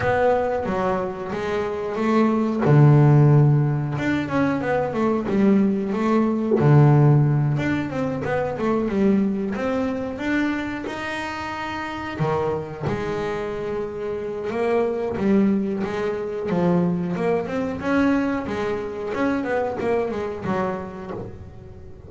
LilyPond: \new Staff \with { instrumentName = "double bass" } { \time 4/4 \tempo 4 = 91 b4 fis4 gis4 a4 | d2 d'8 cis'8 b8 a8 | g4 a4 d4. d'8 | c'8 b8 a8 g4 c'4 d'8~ |
d'8 dis'2 dis4 gis8~ | gis2 ais4 g4 | gis4 f4 ais8 c'8 cis'4 | gis4 cis'8 b8 ais8 gis8 fis4 | }